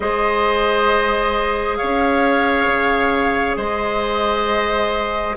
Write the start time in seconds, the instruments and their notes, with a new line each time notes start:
0.00 bassoon G#3, clarinet G#4, oboe C5, flute D#5
1.76 oboe C#5, flute F5
1.82 bassoon C#4
2.67 bassoon C#3
3.56 bassoon G#3, oboe C5, flute D#5